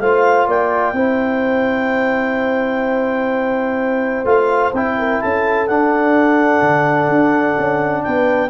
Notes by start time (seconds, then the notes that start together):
0.00 A3 F4 C5 F5
0.47 A#3 D5 G5
0.93 C4 E4 C5
4.25 A3 F4 F5
4.73 C4 E4 G5
4.98 A#4
5.21 C#4 A4 A5
5.67 D4 F#5
6.62 D3
7.09 D4
7.58 C#4
8.03 B3 B4 G5